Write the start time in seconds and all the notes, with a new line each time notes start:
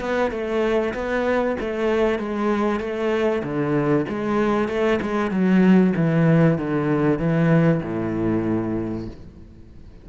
0.00 B3
0.31 A3
0.94 B3
1.60 A3
2.19 G#3
2.80 A3
3.43 D3
4.09 G#3
4.68 A3
5.02 G#3
5.31 F#3
5.96 E3
6.58 D3
7.18 E3
7.83 A2